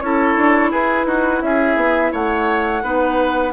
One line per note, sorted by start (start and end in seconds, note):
0.00 0.36 C#4
0.00 2.83 E4
0.00 0.71 A4
0.00 0.71 C#5
0.36 0.72 D4
0.71 1.05 E4
0.71 1.06 G#4
0.71 1.42 B4
1.05 1.41 D#4
1.05 1.42 F#4
1.42 1.76 C#4
1.42 2.12 G#4
1.42 2.12 E5
1.76 2.11 B3
2.12 2.82 A3
2.12 2.82 C#5
2.12 3.53 F#5
2.82 3.53 B3
2.82 3.53 D#4
2.82 3.53 B4